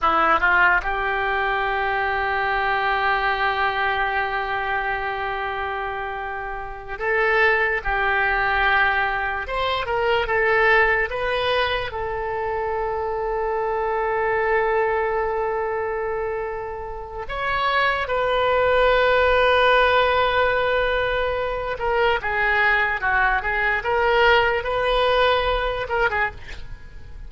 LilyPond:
\new Staff \with { instrumentName = "oboe" } { \time 4/4 \tempo 4 = 73 e'8 f'8 g'2.~ | g'1~ | g'8 a'4 g'2 c''8 | ais'8 a'4 b'4 a'4.~ |
a'1~ | a'4 cis''4 b'2~ | b'2~ b'8 ais'8 gis'4 | fis'8 gis'8 ais'4 b'4. ais'16 gis'16 | }